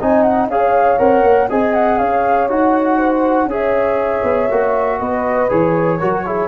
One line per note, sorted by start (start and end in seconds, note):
0.00 0.47 C4
0.00 0.50 D#4
0.00 0.51 D#5
0.00 0.22 G#5
0.22 0.47 F#5
0.47 0.97 C#4
0.47 0.98 G#4
0.47 1.50 C#5
0.47 0.98 F5
0.98 1.23 C4
0.98 1.48 A#4
0.98 1.48 F#5
1.23 1.48 A#3
1.50 2.00 C4
1.50 2.49 G#4
1.50 1.98 D#5
1.50 1.74 G#5
1.74 1.98 F#5
1.98 2.49 C#4
1.98 2.97 C#5
1.98 2.48 F5
2.49 3.45 D#4
2.49 3.49 F#4
2.49 3.50 F#5
2.97 3.47 C5
3.45 4.20 C#4
3.45 4.50 G#4
3.45 4.98 C#5
3.52 4.99 E5
4.23 4.48 B3
4.50 4.99 A#3
4.50 5.49 F#4
4.98 5.49 B3
4.98 5.98 B4
4.98 5.49 D#5
5.49 6.01 E3
5.49 5.99 G#4
5.49 6.48 C#5
5.98 6.48 F#3
5.98 6.26 F#4
5.98 6.23 A#4
6.26 6.48 E4
6.26 6.48 G#4